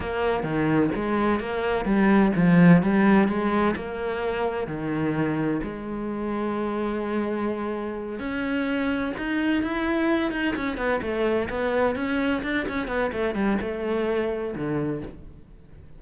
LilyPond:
\new Staff \with { instrumentName = "cello" } { \time 4/4 \tempo 4 = 128 ais4 dis4 gis4 ais4 | g4 f4 g4 gis4 | ais2 dis2 | gis1~ |
gis4. cis'2 dis'8~ | dis'8 e'4. dis'8 cis'8 b8 a8~ | a8 b4 cis'4 d'8 cis'8 b8 | a8 g8 a2 d4 | }